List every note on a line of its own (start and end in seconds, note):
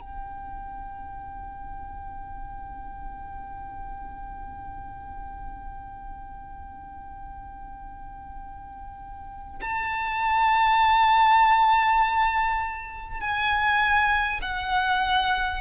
0.00 9.60 G5
9.61 13.20 A5
13.20 14.40 G#5
14.41 15.61 F#5